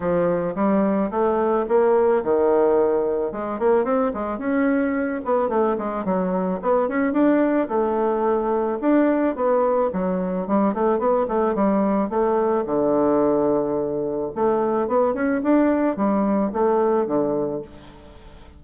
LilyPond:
\new Staff \with { instrumentName = "bassoon" } { \time 4/4 \tempo 4 = 109 f4 g4 a4 ais4 | dis2 gis8 ais8 c'8 gis8 | cis'4. b8 a8 gis8 fis4 | b8 cis'8 d'4 a2 |
d'4 b4 fis4 g8 a8 | b8 a8 g4 a4 d4~ | d2 a4 b8 cis'8 | d'4 g4 a4 d4 | }